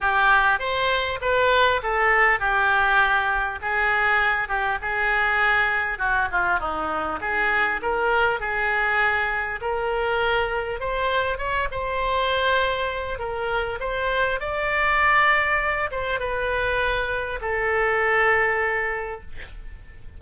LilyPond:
\new Staff \with { instrumentName = "oboe" } { \time 4/4 \tempo 4 = 100 g'4 c''4 b'4 a'4 | g'2 gis'4. g'8 | gis'2 fis'8 f'8 dis'4 | gis'4 ais'4 gis'2 |
ais'2 c''4 cis''8 c''8~ | c''2 ais'4 c''4 | d''2~ d''8 c''8 b'4~ | b'4 a'2. | }